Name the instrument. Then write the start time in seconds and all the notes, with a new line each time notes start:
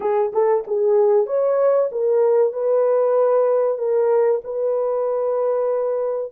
horn
0.00 G#4
0.32 A4
0.67 G#4
1.26 C#5
1.91 A#4
2.52 B4
3.78 A#4
4.44 B4